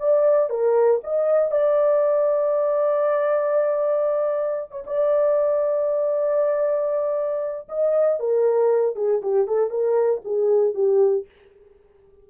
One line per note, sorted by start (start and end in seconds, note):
0.00 0.50 D5
0.50 1.01 A#4
1.04 1.52 D#5
1.52 4.72 D5
4.72 4.85 C#5
4.87 7.69 D5
7.69 8.20 D#5
8.20 8.96 A#4
8.96 9.22 G#4
9.23 9.48 G4
9.48 9.71 A4
9.71 10.22 A#4
10.25 10.75 G#4
10.75 11.26 G4